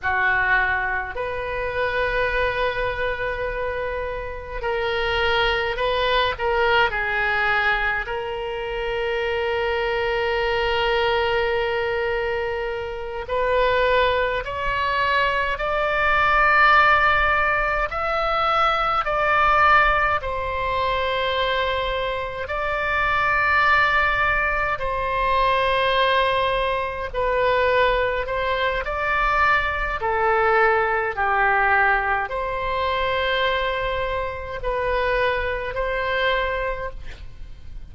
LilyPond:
\new Staff \with { instrumentName = "oboe" } { \time 4/4 \tempo 4 = 52 fis'4 b'2. | ais'4 b'8 ais'8 gis'4 ais'4~ | ais'2.~ ais'8 b'8~ | b'8 cis''4 d''2 e''8~ |
e''8 d''4 c''2 d''8~ | d''4. c''2 b'8~ | b'8 c''8 d''4 a'4 g'4 | c''2 b'4 c''4 | }